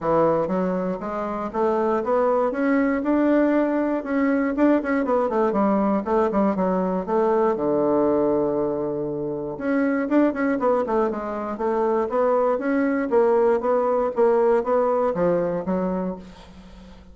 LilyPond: \new Staff \with { instrumentName = "bassoon" } { \time 4/4 \tempo 4 = 119 e4 fis4 gis4 a4 | b4 cis'4 d'2 | cis'4 d'8 cis'8 b8 a8 g4 | a8 g8 fis4 a4 d4~ |
d2. cis'4 | d'8 cis'8 b8 a8 gis4 a4 | b4 cis'4 ais4 b4 | ais4 b4 f4 fis4 | }